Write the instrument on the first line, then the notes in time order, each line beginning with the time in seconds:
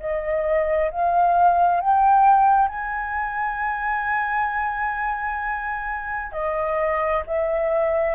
flute
0.00 D#5
0.91 F5
1.81 G5
2.69 G#5
6.32 D#5
7.27 E5